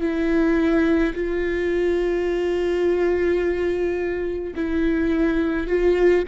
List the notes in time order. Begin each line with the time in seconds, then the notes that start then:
0.00 E4
1.14 F4
4.55 E4
5.67 F4